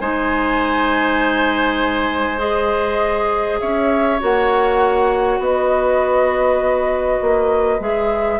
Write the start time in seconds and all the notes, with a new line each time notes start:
0.00 G#3 D#4 C5 G#5
2.38 G#4 D#5
3.60 C#4 C#5 E5
4.20 A#3 F#4 F#5
5.39 B3 B4 D#5
7.22 A#3
7.80 G#3 G#4 E5